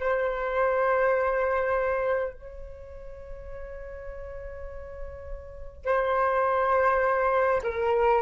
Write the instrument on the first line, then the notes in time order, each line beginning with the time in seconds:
flute
0.00 C5
2.34 C#5
5.85 C5
7.63 A#4